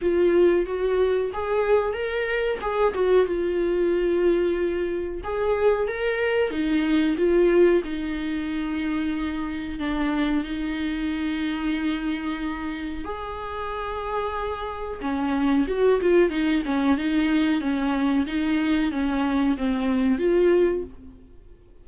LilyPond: \new Staff \with { instrumentName = "viola" } { \time 4/4 \tempo 4 = 92 f'4 fis'4 gis'4 ais'4 | gis'8 fis'8 f'2. | gis'4 ais'4 dis'4 f'4 | dis'2. d'4 |
dis'1 | gis'2. cis'4 | fis'8 f'8 dis'8 cis'8 dis'4 cis'4 | dis'4 cis'4 c'4 f'4 | }